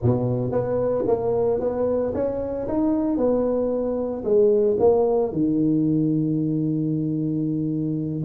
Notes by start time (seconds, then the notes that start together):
0.02 B2
0.51 B3
1.07 A#3
1.60 B3
2.14 C#4
2.68 D#4
3.17 B3
4.24 G#3
4.79 A#3
5.32 D#3